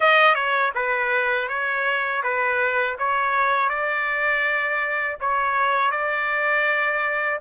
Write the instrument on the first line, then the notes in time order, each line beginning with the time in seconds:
trumpet
0.00 D#5
0.35 C#5
0.74 B4
1.48 C#5
2.23 B4
2.98 C#5
3.69 D5
5.20 C#5
5.91 D5